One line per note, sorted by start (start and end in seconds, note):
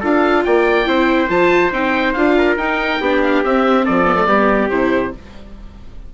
0.00 0.45 D4
0.00 0.85 F4
0.00 0.43 A4
0.00 0.44 F5
0.44 0.86 A#3
0.44 0.88 D5
0.44 1.29 G5
0.85 1.29 C4
0.85 1.27 E4
0.85 2.37 C5
1.28 1.72 F3
1.28 1.71 F4
1.28 1.72 A5
1.72 2.14 C4
1.72 2.14 D#4
1.72 2.13 G5
2.13 2.56 D4
2.13 2.59 F4
2.13 2.56 F5
2.37 3.01 A#4
2.56 2.99 D#4
2.56 3.02 D#4
2.56 3.21 G5
3.01 3.43 B3
3.01 3.45 D4
3.01 3.84 G4
3.22 3.43 F5
3.44 4.05 C4
3.44 3.87 C4
3.44 3.86 E5
3.84 4.27 F3
3.84 4.27 A4
3.84 4.69 D5
4.05 4.15 B3
4.15 4.26 A3
4.26 4.69 G3
4.26 4.69 B3
4.26 5.13 G4
4.69 5.13 C3
4.69 5.14 E4
4.69 5.12 C5